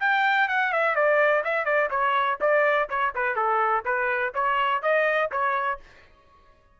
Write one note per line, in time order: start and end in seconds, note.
0.00 0.48 G5
0.48 0.73 F#5
0.73 0.95 E5
0.95 1.44 D5
1.45 1.65 E5
1.65 1.90 D5
1.90 2.39 C#5
2.41 2.89 D5
2.90 3.14 C#5
3.15 3.36 B4
3.36 3.84 A4
3.85 4.34 B4
4.35 4.83 C#5
4.83 5.31 D#5
5.32 5.80 C#5